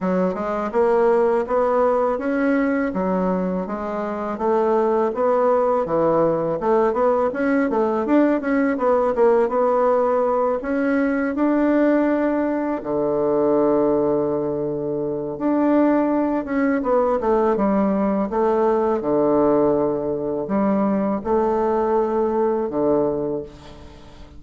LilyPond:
\new Staff \with { instrumentName = "bassoon" } { \time 4/4 \tempo 4 = 82 fis8 gis8 ais4 b4 cis'4 | fis4 gis4 a4 b4 | e4 a8 b8 cis'8 a8 d'8 cis'8 | b8 ais8 b4. cis'4 d'8~ |
d'4. d2~ d8~ | d4 d'4. cis'8 b8 a8 | g4 a4 d2 | g4 a2 d4 | }